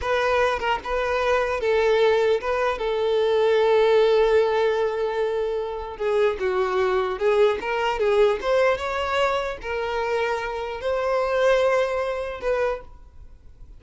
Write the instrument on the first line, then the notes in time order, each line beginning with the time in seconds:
violin
0.01 B4
0.59 A#4
0.83 B4
1.60 A4
2.40 B4
2.78 A4
5.97 G#4
6.39 F#4
7.19 G#4
7.60 A#4
7.99 G#4
8.41 C5
8.77 C#5
9.61 A#4
10.81 C5
12.40 B4